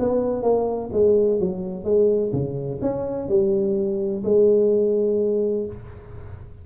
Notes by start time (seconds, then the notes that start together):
0.00 B3
0.43 A#3
0.93 G#3
1.40 F#3
1.84 G#3
2.33 C#3
2.82 C#4
3.29 G3
4.25 G#3